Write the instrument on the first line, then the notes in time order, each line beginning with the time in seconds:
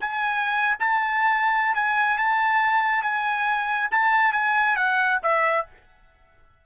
trumpet
0.00 G#5
0.79 A5
1.75 G#5
2.18 A5
3.02 G#5
3.91 A5
4.33 G#5
4.76 F#5
5.22 E5